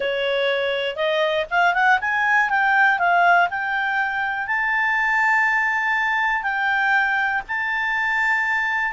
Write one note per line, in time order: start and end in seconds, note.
0.00 0.96 C#5
0.96 1.45 D#5
1.50 1.74 F5
1.74 1.99 F#5
2.00 2.49 G#5
2.49 2.98 G5
2.98 3.48 F5
3.50 4.47 G5
4.47 6.42 A5
6.42 7.41 G5
7.47 8.93 A5